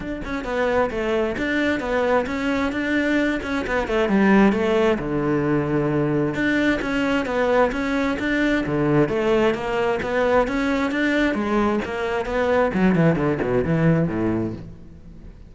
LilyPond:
\new Staff \with { instrumentName = "cello" } { \time 4/4 \tempo 4 = 132 d'8 cis'8 b4 a4 d'4 | b4 cis'4 d'4. cis'8 | b8 a8 g4 a4 d4~ | d2 d'4 cis'4 |
b4 cis'4 d'4 d4 | a4 ais4 b4 cis'4 | d'4 gis4 ais4 b4 | fis8 e8 d8 b,8 e4 a,4 | }